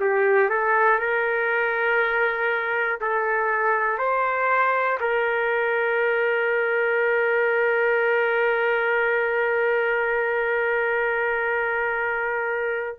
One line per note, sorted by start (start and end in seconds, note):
0.00 0.49 G4
0.49 0.99 A4
0.99 2.99 A#4
3.00 3.98 A4
3.98 4.98 C5
5.00 12.98 A#4